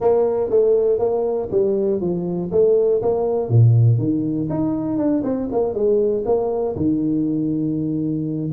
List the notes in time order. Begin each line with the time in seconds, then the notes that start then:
0.00 A#3
0.50 A3
0.98 A#3
1.51 G3
2.00 F3
2.51 A3
3.02 A#3
3.48 A#2
3.98 D#3
4.49 D#4
4.97 D4
5.23 C4
5.51 A#3
5.74 G#3
6.25 A#3
6.76 D#3